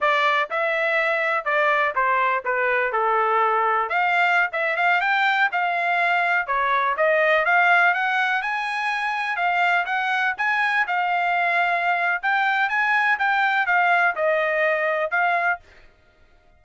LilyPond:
\new Staff \with { instrumentName = "trumpet" } { \time 4/4 \tempo 4 = 123 d''4 e''2 d''4 | c''4 b'4 a'2 | f''4~ f''16 e''8 f''8 g''4 f''8.~ | f''4~ f''16 cis''4 dis''4 f''8.~ |
f''16 fis''4 gis''2 f''8.~ | f''16 fis''4 gis''4 f''4.~ f''16~ | f''4 g''4 gis''4 g''4 | f''4 dis''2 f''4 | }